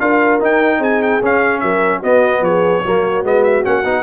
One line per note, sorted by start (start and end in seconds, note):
0.00 0.41 D4
0.00 0.40 F4
0.00 0.79 A#4
0.00 0.41 F5
0.40 1.21 D#4
0.40 0.79 D#4
0.40 0.83 G5
0.79 1.20 C4
0.79 1.60 G#4
0.79 1.02 G#5
1.02 1.22 G5
1.22 1.62 C#4
1.22 2.03 C#4
1.22 1.60 F5
1.60 2.03 F#3
1.60 1.99 A#4
1.60 2.01 E5
1.99 2.84 B3
1.99 2.41 B3
1.99 2.40 F#4
1.99 2.44 D#5
2.41 2.82 F3
2.41 2.82 G#4
2.41 3.25 C#5
2.82 3.24 F#3
2.82 3.24 A#3
2.82 4.03 F#4
3.24 3.64 G#3
3.24 3.64 B3
3.24 3.44 D#5
3.44 3.64 E5
3.64 3.85 A#3
3.64 3.84 C#4
3.64 4.03 F#5
3.85 4.03 B3
3.85 4.03 D#4